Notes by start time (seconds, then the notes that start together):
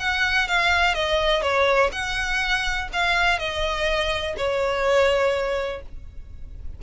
0.00 F#5
0.48 F5
0.95 D#5
1.43 C#5
1.92 F#5
2.93 F5
3.39 D#5
4.37 C#5